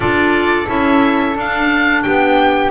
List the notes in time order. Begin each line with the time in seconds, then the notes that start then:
0.00 D4 F4 A4 D5
0.66 C#4 E4 E5
1.36 D4 F5
2.03 B3 G4 G5